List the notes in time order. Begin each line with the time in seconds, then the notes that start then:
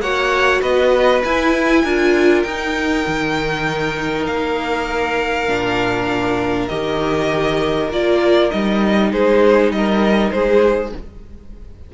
0.00 A#3 F#4 C#5 F#5
0.61 B3 B4 D#5
1.24 E4 G#5
1.84 D4 F4 A#4
2.43 D#4 G5
3.07 D#3
4.27 A#3 F5
5.48 A#2 D4
6.68 D#3 G4 D#5
7.90 A#3 F4 D5
8.51 G3 D#4 D#5
9.13 G#3 G#4 C5
9.71 G3 A#4 D#5
10.32 G#3 G#4 C5